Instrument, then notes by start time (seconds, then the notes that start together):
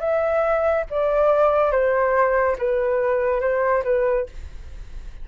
flute
0.00 E5
0.91 D5
1.72 C5
2.59 B4
3.41 C5
3.84 B4